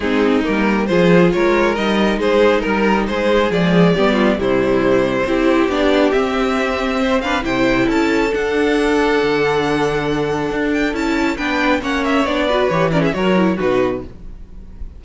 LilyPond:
<<
  \new Staff \with { instrumentName = "violin" } { \time 4/4 \tempo 4 = 137 gis'4 ais'4 c''4 cis''4 | dis''4 c''4 ais'4 c''4 | d''2 c''2~ | c''4 d''4 e''2~ |
e''8 f''8 g''4 a''4 fis''4~ | fis''1~ | fis''8 g''8 a''4 g''4 fis''8 e''8 | d''4 cis''8 d''16 e''16 cis''4 b'4 | }
  \new Staff \with { instrumentName = "violin" } { \time 4/4 dis'2 gis'4 ais'4~ | ais'4 gis'4 ais'4 gis'4~ | gis'4 g'8 f'8 e'2 | g'1 |
c''8 b'8 c''4 a'2~ | a'1~ | a'2 b'4 cis''4~ | cis''8 b'4 ais'16 gis'16 ais'4 fis'4 | }
  \new Staff \with { instrumentName = "viola" } { \time 4/4 c'4 ais4 f'2 | dis'1 | gis4 b4 g2 | e'4 d'4 c'2~ |
c'8 d'8 e'2 d'4~ | d'1~ | d'4 e'4 d'4 cis'4 | d'8 fis'8 g'8 cis'8 fis'8 e'8 dis'4 | }
  \new Staff \with { instrumentName = "cello" } { \time 4/4 gis4 g4 f4 gis4 | g4 gis4 g4 gis4 | f4 g4 c2 | c'4 b4 c'2~ |
c'4 c4 cis'4 d'4~ | d'4 d2. | d'4 cis'4 b4 ais4 | b4 e4 fis4 b,4 | }
>>